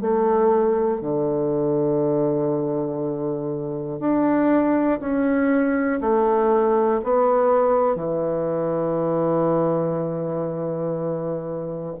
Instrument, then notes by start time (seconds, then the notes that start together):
bassoon
0.00 A3
1.00 D3
4.00 D4
5.00 C#4
6.00 A3
7.03 B3
7.95 E3